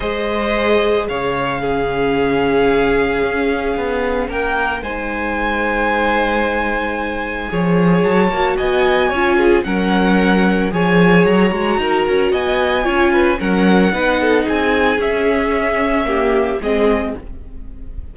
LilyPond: <<
  \new Staff \with { instrumentName = "violin" } { \time 4/4 \tempo 4 = 112 dis''2 f''2~ | f''1 | g''4 gis''2.~ | gis''2. a''4 |
gis''2 fis''2 | gis''4 ais''2 gis''4~ | gis''4 fis''2 gis''4 | e''2. dis''4 | }
  \new Staff \with { instrumentName = "violin" } { \time 4/4 c''2 cis''4 gis'4~ | gis'1 | ais'4 c''2.~ | c''2 cis''2 |
dis''4 cis''8 gis'8 ais'2 | cis''2 ais'4 dis''4 | cis''8 b'8 ais'4 b'8 a'8 gis'4~ | gis'2 g'4 gis'4 | }
  \new Staff \with { instrumentName = "viola" } { \time 4/4 gis'2. cis'4~ | cis'1~ | cis'4 dis'2.~ | dis'2 gis'4. fis'8~ |
fis'4 f'4 cis'2 | gis'4. fis'2~ fis'8 | f'4 cis'4 dis'2 | cis'2 ais4 c'4 | }
  \new Staff \with { instrumentName = "cello" } { \time 4/4 gis2 cis2~ | cis2 cis'4 b4 | ais4 gis2.~ | gis2 f4 fis8 ais8 |
b4 cis'4 fis2 | f4 fis8 gis8 dis'8 cis'8 b4 | cis'4 fis4 b4 c'4 | cis'2. gis4 | }
>>